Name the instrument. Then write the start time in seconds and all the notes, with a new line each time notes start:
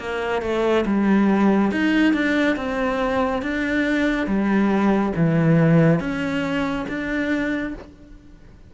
cello
0.00 A#3
0.42 A3
0.86 G3
1.72 D#4
2.14 D4
2.57 C4
3.42 D4
4.27 G3
5.16 E3
6.00 C#4
6.89 D4